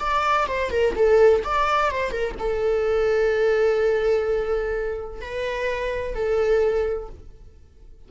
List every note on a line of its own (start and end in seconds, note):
0.00 0.47 D5
0.47 0.71 C5
0.71 0.95 A#4
0.96 1.43 A4
1.45 1.91 D5
1.91 2.11 C5
2.11 2.35 A#4
2.39 5.21 A4
5.21 6.15 B4
6.15 7.09 A4